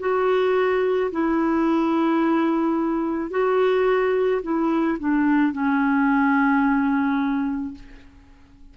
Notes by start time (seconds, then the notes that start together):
0.00 F#4
1.12 E4
3.31 F#4
4.43 E4
4.99 D4
5.53 C#4